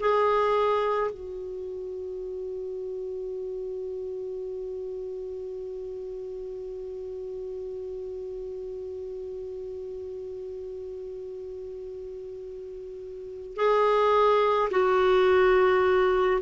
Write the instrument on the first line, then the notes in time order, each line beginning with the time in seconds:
clarinet
0.00 G#4
1.11 F#4
13.56 G#4
14.71 F#4